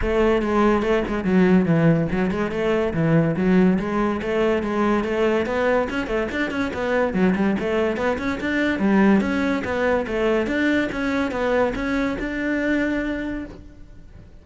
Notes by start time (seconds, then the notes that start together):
0.01 A3
0.42 G#3
0.82 A3
1.07 G#3
1.24 F#3
1.65 E3
2.11 F#3
2.30 G#3
2.51 A3
2.93 E3
3.36 F#3
3.79 G#3
4.22 A3
4.62 G#3
5.03 A3
5.45 B3
5.90 C#4
6.06 A3
6.31 D4
6.50 C#4
6.73 B3
7.13 F#3
7.35 G3
7.59 A3
7.96 B3
8.18 C#4
8.40 D4
8.79 G3
9.20 C#4
9.64 B3
10.07 A3
10.46 D4
10.91 C#4
11.31 B3
11.75 C#4
12.19 D4